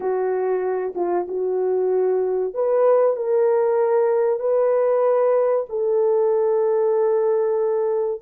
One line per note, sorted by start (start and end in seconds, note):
0.00 0.93 F#4
0.95 1.26 F4
1.27 2.54 F#4
2.54 3.16 B4
3.16 4.39 A#4
4.39 5.65 B4
5.69 8.21 A4